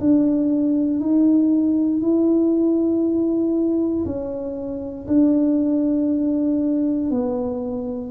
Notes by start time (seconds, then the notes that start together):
0.00 D4
1.00 D#4
2.02 E4
4.05 C#4
5.07 D4
7.10 B3